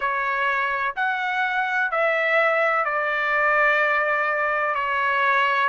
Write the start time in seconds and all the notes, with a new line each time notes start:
0.00 C#5
0.95 F#5
1.90 E5
2.84 D5
4.74 C#5